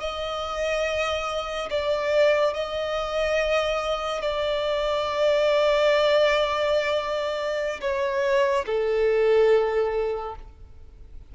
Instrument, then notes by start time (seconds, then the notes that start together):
violin
0.00 D#5
1.70 D5
2.53 D#5
4.21 D5
7.81 C#5
8.66 A4